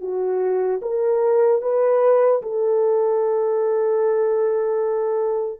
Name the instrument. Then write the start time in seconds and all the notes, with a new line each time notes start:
horn
0.00 F#4
0.81 A#4
1.61 B4
2.42 A4